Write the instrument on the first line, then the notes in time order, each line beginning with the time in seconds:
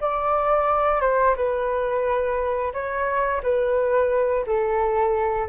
flute
0.00 D5
1.00 C5
1.36 B4
2.73 C#5
3.42 B4
4.46 A4